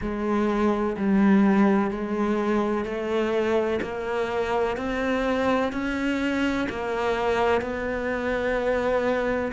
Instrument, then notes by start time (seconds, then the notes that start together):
cello
0.01 G#3
0.97 G3
1.90 G#3
2.84 A3
3.81 A#3
4.77 C4
5.72 C#4
6.69 A#3
7.61 B3